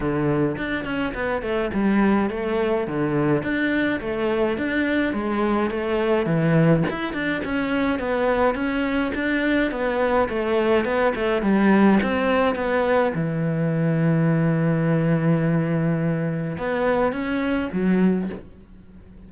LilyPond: \new Staff \with { instrumentName = "cello" } { \time 4/4 \tempo 4 = 105 d4 d'8 cis'8 b8 a8 g4 | a4 d4 d'4 a4 | d'4 gis4 a4 e4 | e'8 d'8 cis'4 b4 cis'4 |
d'4 b4 a4 b8 a8 | g4 c'4 b4 e4~ | e1~ | e4 b4 cis'4 fis4 | }